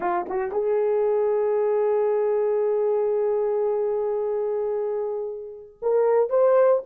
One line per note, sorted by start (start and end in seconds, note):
0.00 0.25 F4
0.29 0.51 F#4
0.51 5.78 G#4
5.82 6.29 A#4
6.29 6.82 C5